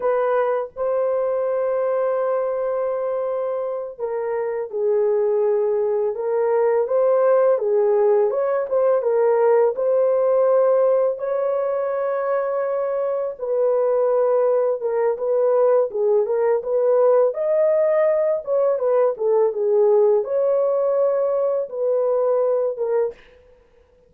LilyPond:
\new Staff \with { instrumentName = "horn" } { \time 4/4 \tempo 4 = 83 b'4 c''2.~ | c''4. ais'4 gis'4.~ | gis'8 ais'4 c''4 gis'4 cis''8 | c''8 ais'4 c''2 cis''8~ |
cis''2~ cis''8 b'4.~ | b'8 ais'8 b'4 gis'8 ais'8 b'4 | dis''4. cis''8 b'8 a'8 gis'4 | cis''2 b'4. ais'8 | }